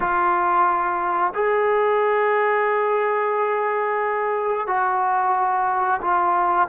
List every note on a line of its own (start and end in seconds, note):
0.00 1.33 F4
1.34 4.67 G#4
4.67 6.00 F#4
6.01 6.68 F4